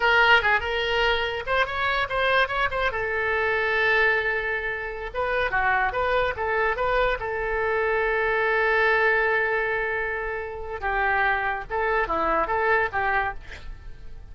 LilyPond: \new Staff \with { instrumentName = "oboe" } { \time 4/4 \tempo 4 = 144 ais'4 gis'8 ais'2 c''8 | cis''4 c''4 cis''8 c''8 a'4~ | a'1~ | a'16 b'4 fis'4 b'4 a'8.~ |
a'16 b'4 a'2~ a'8.~ | a'1~ | a'2 g'2 | a'4 e'4 a'4 g'4 | }